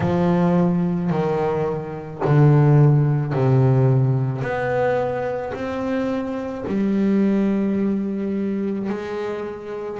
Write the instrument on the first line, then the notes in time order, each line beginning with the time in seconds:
double bass
0.00 F3
1.10 D#3
2.24 D3
3.32 C3
4.41 B3
5.53 C4
6.67 G3
8.89 G#3